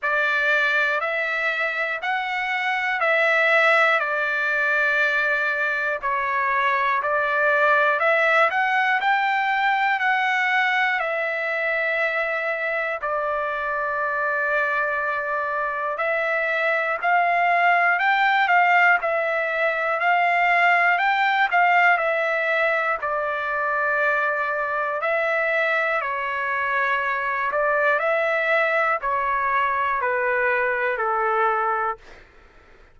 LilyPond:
\new Staff \with { instrumentName = "trumpet" } { \time 4/4 \tempo 4 = 60 d''4 e''4 fis''4 e''4 | d''2 cis''4 d''4 | e''8 fis''8 g''4 fis''4 e''4~ | e''4 d''2. |
e''4 f''4 g''8 f''8 e''4 | f''4 g''8 f''8 e''4 d''4~ | d''4 e''4 cis''4. d''8 | e''4 cis''4 b'4 a'4 | }